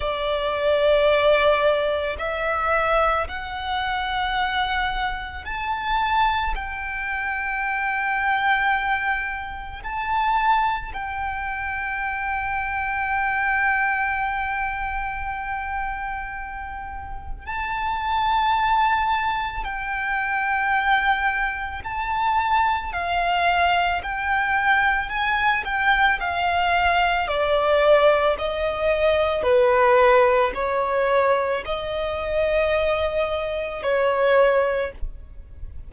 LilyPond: \new Staff \with { instrumentName = "violin" } { \time 4/4 \tempo 4 = 55 d''2 e''4 fis''4~ | fis''4 a''4 g''2~ | g''4 a''4 g''2~ | g''1 |
a''2 g''2 | a''4 f''4 g''4 gis''8 g''8 | f''4 d''4 dis''4 b'4 | cis''4 dis''2 cis''4 | }